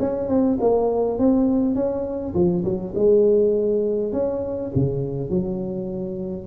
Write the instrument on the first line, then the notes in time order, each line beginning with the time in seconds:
tuba
0.00 C#4
0.29 C4
0.61 A#3
1.19 C4
1.75 C#4
2.34 F3
2.64 F#3
2.95 G#3
4.13 C#4
4.75 C#3
5.30 F#3